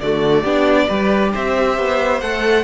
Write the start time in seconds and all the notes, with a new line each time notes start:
0.00 D3 A3 F#4 D5
0.42 B3 D4 G4
0.88 G3 G4 B4
1.33 C4 C5 E5
1.77 B3
2.20 A3 A4 F#5